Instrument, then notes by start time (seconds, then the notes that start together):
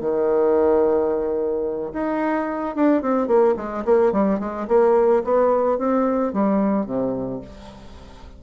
bassoon
0.00 D#3
1.93 D#4
2.75 D4
3.02 C4
3.27 A#3
3.57 G#3
3.85 A#3
4.12 G3
4.40 G#3
4.68 A#3
5.24 B3
5.78 C4
6.33 G3
6.86 C3